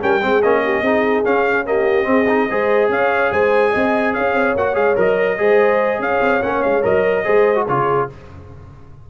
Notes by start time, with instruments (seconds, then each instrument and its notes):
0.00 tuba G3, trombone C#4, horn A#4, trumpet G5
0.22 tuba G#3, trombone C4, horn G#4
0.42 tuba A#3, trombone C#4, trumpet D#5
0.65 horn G4
0.82 tuba C4, trombone D#4, horn G#4
1.24 trombone C#4, tuba C#4, trumpet F5
1.65 trombone A#3, horn G4, trumpet D#5
2.04 trombone C4, tuba C4, horn G#4
2.29 trombone D#4
2.50 tuba G#3, trombone G#4, horn C5
2.89 tuba C#4, horn C#5, trumpet F5
3.32 tuba G#3, horn C5, trumpet G#5
3.71 tuba C4, horn D#5
4.13 tuba C#4, horn C#5, trumpet F5
4.34 tuba C4
4.55 tuba A#3, trombone F#4, trumpet F#5
4.75 tuba G#3, trombone G#4, trumpet F5
4.96 tuba F#3, trombone A#4, trumpet D#5
5.38 tuba G#3, trombone G#4, horn C5
5.99 tuba C#4, horn C#5, trumpet F5
6.21 tuba C4
6.42 tuba A#3, trombone C#4, trumpet F#5
6.63 tuba G#3, trumpet F5
6.83 tuba F#3, trombone A#4, trumpet D#5
7.25 tuba G#3, trombone G#4, horn C5
7.56 trombone F#4
7.68 tuba C#3, trombone F4, horn G#4, trumpet C#5